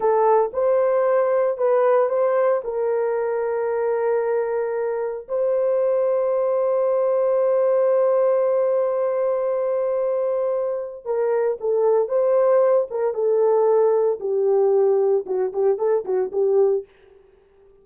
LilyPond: \new Staff \with { instrumentName = "horn" } { \time 4/4 \tempo 4 = 114 a'4 c''2 b'4 | c''4 ais'2.~ | ais'2 c''2~ | c''1~ |
c''1~ | c''4 ais'4 a'4 c''4~ | c''8 ais'8 a'2 g'4~ | g'4 fis'8 g'8 a'8 fis'8 g'4 | }